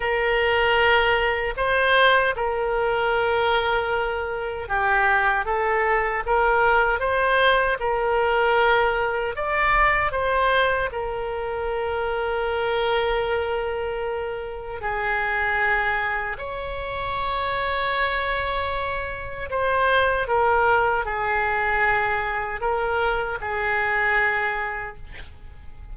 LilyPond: \new Staff \with { instrumentName = "oboe" } { \time 4/4 \tempo 4 = 77 ais'2 c''4 ais'4~ | ais'2 g'4 a'4 | ais'4 c''4 ais'2 | d''4 c''4 ais'2~ |
ais'2. gis'4~ | gis'4 cis''2.~ | cis''4 c''4 ais'4 gis'4~ | gis'4 ais'4 gis'2 | }